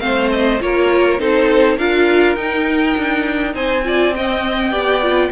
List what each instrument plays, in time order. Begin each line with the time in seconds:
0.00 cello A3, viola C4, violin C5 F5
0.32 violin D#5
0.61 cello A#3, viola F4, violin A#4 C#5
1.19 cello C4, viola D#4, violin A4 C5
1.78 cello D4, viola F4, violin A#4 F5
2.36 cello D#4, viola D#4, violin G5
2.97 cello D4
3.54 cello C4, violin C5 G#5
3.84 viola F4, violin D5
4.15 viola C4, violin D#5 G5
4.71 cello B3, viola G4, violin D5
5.03 viola F4